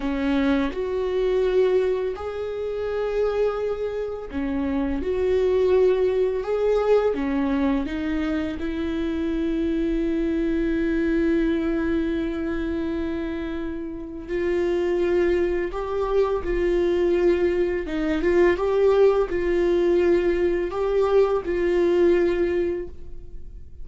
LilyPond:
\new Staff \with { instrumentName = "viola" } { \time 4/4 \tempo 4 = 84 cis'4 fis'2 gis'4~ | gis'2 cis'4 fis'4~ | fis'4 gis'4 cis'4 dis'4 | e'1~ |
e'1 | f'2 g'4 f'4~ | f'4 dis'8 f'8 g'4 f'4~ | f'4 g'4 f'2 | }